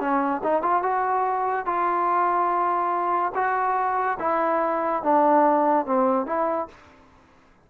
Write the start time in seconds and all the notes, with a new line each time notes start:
0.00 C#4
0.44 D#4
0.62 F4
0.83 F#4
1.66 F4
3.35 F#4
4.20 E4
5.03 D4
5.86 C4
6.26 E4